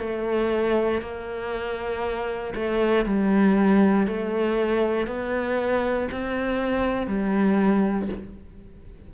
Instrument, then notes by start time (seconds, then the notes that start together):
cello
0.00 A3
1.02 A#3
2.56 A3
3.06 G3
4.07 A3
5.08 B3
6.12 C4
7.07 G3